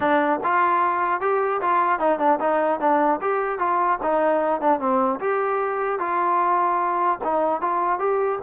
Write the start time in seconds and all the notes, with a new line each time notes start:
0.00 D4
0.43 F4
1.20 G4
1.61 F4
1.99 D#4
2.19 D4
2.39 D#4
2.80 D4
3.21 G4
3.58 F4
4.02 D#4
4.60 D4
4.79 C4
5.20 G4
5.99 F4
7.24 D#4
7.61 F4
7.99 G4